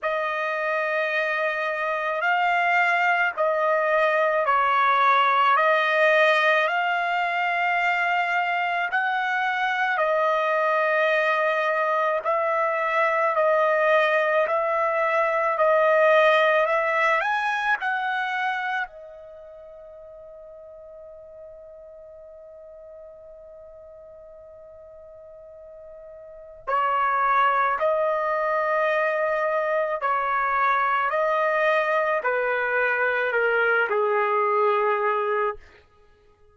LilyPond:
\new Staff \with { instrumentName = "trumpet" } { \time 4/4 \tempo 4 = 54 dis''2 f''4 dis''4 | cis''4 dis''4 f''2 | fis''4 dis''2 e''4 | dis''4 e''4 dis''4 e''8 gis''8 |
fis''4 dis''2.~ | dis''1 | cis''4 dis''2 cis''4 | dis''4 b'4 ais'8 gis'4. | }